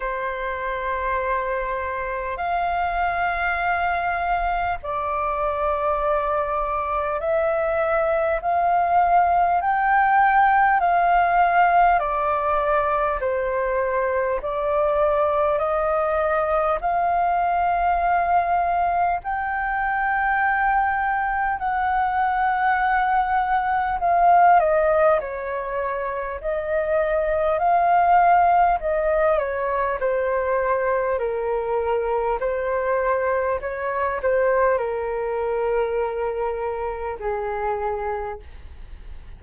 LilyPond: \new Staff \with { instrumentName = "flute" } { \time 4/4 \tempo 4 = 50 c''2 f''2 | d''2 e''4 f''4 | g''4 f''4 d''4 c''4 | d''4 dis''4 f''2 |
g''2 fis''2 | f''8 dis''8 cis''4 dis''4 f''4 | dis''8 cis''8 c''4 ais'4 c''4 | cis''8 c''8 ais'2 gis'4 | }